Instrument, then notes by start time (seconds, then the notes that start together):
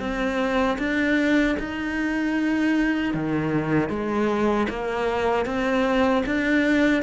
cello
0.00 C4
0.79 D4
1.60 D#4
3.15 D#3
3.90 G#3
4.70 A#3
5.46 C4
6.27 D4